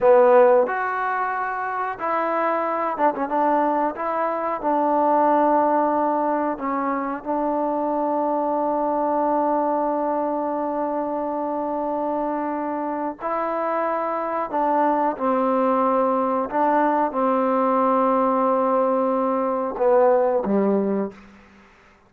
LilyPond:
\new Staff \with { instrumentName = "trombone" } { \time 4/4 \tempo 4 = 91 b4 fis'2 e'4~ | e'8 d'16 cis'16 d'4 e'4 d'4~ | d'2 cis'4 d'4~ | d'1~ |
d'1 | e'2 d'4 c'4~ | c'4 d'4 c'2~ | c'2 b4 g4 | }